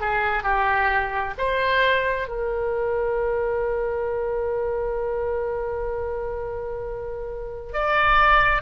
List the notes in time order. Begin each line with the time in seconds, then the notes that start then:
0.00 G#4
0.43 G4
1.38 C5
2.28 A#4
7.73 D5